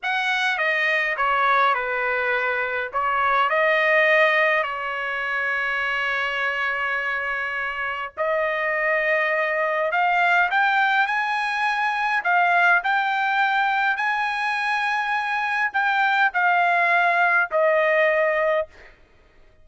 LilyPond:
\new Staff \with { instrumentName = "trumpet" } { \time 4/4 \tempo 4 = 103 fis''4 dis''4 cis''4 b'4~ | b'4 cis''4 dis''2 | cis''1~ | cis''2 dis''2~ |
dis''4 f''4 g''4 gis''4~ | gis''4 f''4 g''2 | gis''2. g''4 | f''2 dis''2 | }